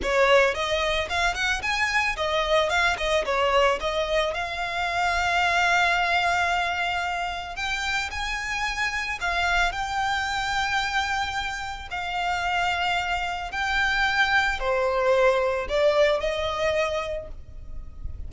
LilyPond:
\new Staff \with { instrumentName = "violin" } { \time 4/4 \tempo 4 = 111 cis''4 dis''4 f''8 fis''8 gis''4 | dis''4 f''8 dis''8 cis''4 dis''4 | f''1~ | f''2 g''4 gis''4~ |
gis''4 f''4 g''2~ | g''2 f''2~ | f''4 g''2 c''4~ | c''4 d''4 dis''2 | }